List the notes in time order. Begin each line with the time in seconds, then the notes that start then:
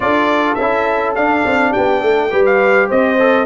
0.00 D4 F4 A4 D5
0.55 C#4 E4 E5
1.15 D4 F5
1.45 C4
1.71 B3 G4 G5
1.99 A3 A4
2.30 G3 G4 B4
2.45 F5
2.88 C4 C5 D#5
3.19 A4